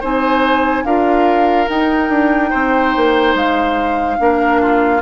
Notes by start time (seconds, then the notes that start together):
0.00 C4 D#4 C5 G#5
0.84 D4 F4 A#4 F5
1.68 D#4 G5
2.09 D4
2.49 C4 C5
2.96 A#3
3.35 G#3 F5
4.18 A#3 D4 A#4
4.61 F4